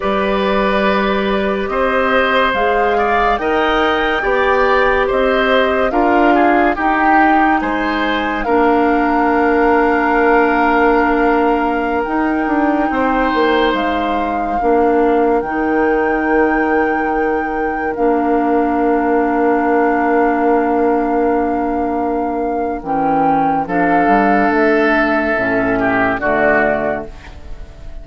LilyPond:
<<
  \new Staff \with { instrumentName = "flute" } { \time 4/4 \tempo 4 = 71 d''2 dis''4 f''4 | g''2 dis''4 f''4 | g''4 gis''4 f''2~ | f''2~ f''16 g''4.~ g''16~ |
g''16 f''2 g''4.~ g''16~ | g''4~ g''16 f''2~ f''8.~ | f''2. g''4 | f''4 e''2 d''4 | }
  \new Staff \with { instrumentName = "oboe" } { \time 4/4 b'2 c''4. d''8 | dis''4 d''4 c''4 ais'8 gis'8 | g'4 c''4 ais'2~ | ais'2.~ ais'16 c''8.~ |
c''4~ c''16 ais'2~ ais'8.~ | ais'1~ | ais'1 | a'2~ a'8 g'8 fis'4 | }
  \new Staff \with { instrumentName = "clarinet" } { \time 4/4 g'2. gis'4 | ais'4 g'2 f'4 | dis'2 d'2~ | d'2~ d'16 dis'4.~ dis'16~ |
dis'4~ dis'16 d'4 dis'4.~ dis'16~ | dis'4~ dis'16 d'2~ d'8.~ | d'2. cis'4 | d'2 cis'4 a4 | }
  \new Staff \with { instrumentName = "bassoon" } { \time 4/4 g2 c'4 gis4 | dis'4 b4 c'4 d'4 | dis'4 gis4 ais2~ | ais2~ ais16 dis'8 d'8 c'8 ais16~ |
ais16 gis4 ais4 dis4.~ dis16~ | dis4~ dis16 ais2~ ais8.~ | ais2. e4 | f8 g8 a4 a,4 d4 | }
>>